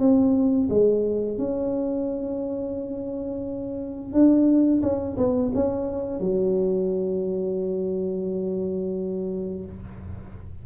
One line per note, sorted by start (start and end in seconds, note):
0.00 0.69 C4
0.70 1.39 G#3
1.39 4.13 C#4
4.13 4.82 D4
4.83 5.18 C#4
5.18 5.52 B3
5.55 6.21 C#4
6.21 9.66 F#3